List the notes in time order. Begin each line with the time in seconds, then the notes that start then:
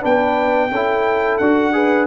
0.00 B3 D4 B4 G5
0.71 C#4 E4 A4
1.37 D4 F#4 F#5
1.73 G#4 B4